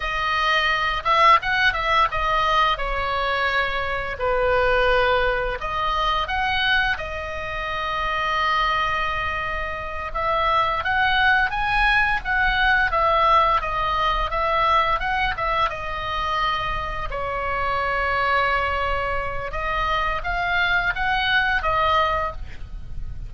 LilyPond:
\new Staff \with { instrumentName = "oboe" } { \time 4/4 \tempo 4 = 86 dis''4. e''8 fis''8 e''8 dis''4 | cis''2 b'2 | dis''4 fis''4 dis''2~ | dis''2~ dis''8 e''4 fis''8~ |
fis''8 gis''4 fis''4 e''4 dis''8~ | dis''8 e''4 fis''8 e''8 dis''4.~ | dis''8 cis''2.~ cis''8 | dis''4 f''4 fis''4 dis''4 | }